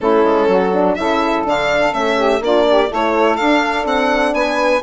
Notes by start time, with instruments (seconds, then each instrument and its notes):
0.00 bassoon A3, horn C#4, saxophone E4, violin A4
0.24 bassoon G#3
0.47 bassoon F#3, saxophone F#4
0.72 horn D4
0.94 bassoon C#3, horn E4, saxophone A4, violin E5
1.44 bassoon D3, horn D4, violin F5
1.91 bassoon A3, horn C#4, violin E5
2.16 saxophone G4
2.40 bassoon A#3, horn D4, saxophone F4, violin D5
2.69 saxophone G4
2.89 bassoon A3, horn E4, saxophone A4, violin C#5
3.36 bassoon D4, horn D4, violin F5
3.85 bassoon C4, violin F#5
4.33 bassoon B3, saxophone B4, violin G#5